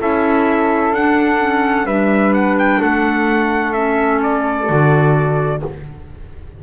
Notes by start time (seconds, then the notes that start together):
0.00 C#4 E4 A4 E5
0.91 D4 F#5
1.40 C#4
1.84 G3 D4 B4 E5
2.33 F#5
2.58 G5
2.80 A3 A4 F#5
3.73 C#4 E5
4.23 D5
4.65 D3 F#4